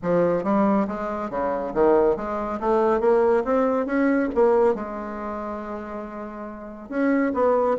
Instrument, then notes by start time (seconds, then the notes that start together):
bassoon
0.02 F3
0.43 G3
0.87 G#3
1.30 C#3
1.74 D#3
2.16 G#3
2.60 A3
3.00 A#3
3.44 C4
3.85 C#4
4.34 A#3
4.75 G#3
6.89 C#4
7.34 B3